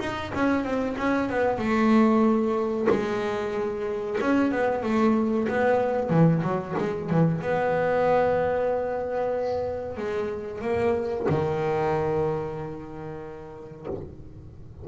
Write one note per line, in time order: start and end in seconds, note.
0.00 0.32 D#4
0.35 0.64 C#4
0.64 0.96 C4
0.98 1.30 C#4
1.30 1.59 B3
1.59 2.88 A3
2.90 4.19 G#3
4.21 4.52 C#4
4.52 4.83 B3
4.83 5.48 A3
5.49 6.10 B3
6.10 6.43 E3
6.43 6.75 F#3
6.78 7.10 G#3
7.10 7.42 E3
7.42 9.98 B3
9.98 10.62 G#3
10.62 11.26 A#3
11.29 13.87 D#3